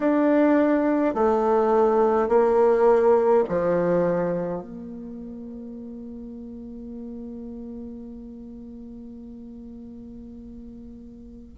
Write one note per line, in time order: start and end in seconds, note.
0.00 1.14 D4
1.14 2.28 A3
2.28 3.44 A#3
3.49 4.62 F3
4.62 11.54 A#3